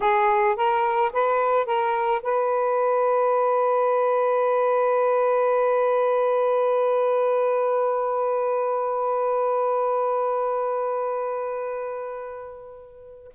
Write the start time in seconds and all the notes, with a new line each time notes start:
0.00 G#4
0.56 A#4
1.12 B4
1.66 A#4
2.22 B4